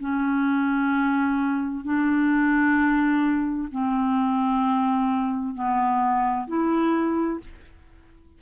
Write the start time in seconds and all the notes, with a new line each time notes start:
0.00 C#4
1.84 D4
3.71 C4
5.54 B3
6.47 E4